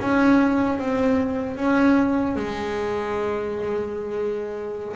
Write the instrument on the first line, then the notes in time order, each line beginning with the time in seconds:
double bass
0.00 C#4
0.79 C4
1.56 C#4
2.35 G#3